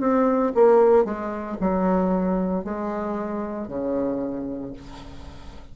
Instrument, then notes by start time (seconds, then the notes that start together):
bassoon
0.00 C4
0.55 A#3
1.04 G#3
1.60 F#3
2.64 G#3
3.67 C#3